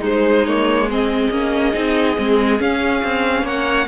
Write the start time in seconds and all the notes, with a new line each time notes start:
0.00 G#3 D#4 C5
0.46 A#3 C#5
0.90 C4 G#4 D#5
1.31 A#3 C#4
1.73 C4 D#4
2.18 G#3 C4
2.59 C#4 F5
3.04 C4
3.43 A#3 C#5 F#5